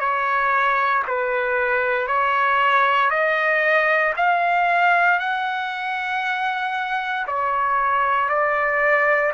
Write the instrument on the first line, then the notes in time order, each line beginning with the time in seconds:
trumpet
0.00 C#5
1.08 B4
2.07 C#5
3.10 D#5
4.17 F5
5.20 F#5
7.27 C#5
8.29 D5